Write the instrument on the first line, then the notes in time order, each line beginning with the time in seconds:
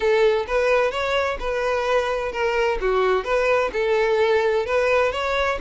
violin
0.00 A4
0.47 B4
0.91 C#5
1.39 B4
2.32 A#4
2.80 F#4
3.24 B4
3.73 A4
4.66 B4
5.11 C#5